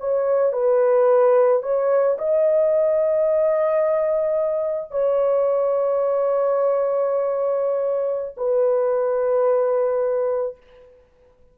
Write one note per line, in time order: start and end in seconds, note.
0.00 0.53 C#5
0.53 1.63 B4
1.63 2.18 C#5
2.19 4.91 D#5
4.91 8.35 C#5
8.37 10.57 B4